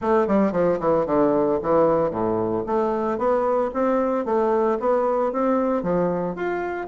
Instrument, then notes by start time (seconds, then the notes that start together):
bassoon
0.01 A3
0.27 G3
0.52 F3
0.79 E3
1.06 D3
1.62 E3
2.10 A2
2.66 A3
3.17 B3
3.73 C4
4.25 A3
4.79 B3
5.32 C4
5.83 F3
6.35 F4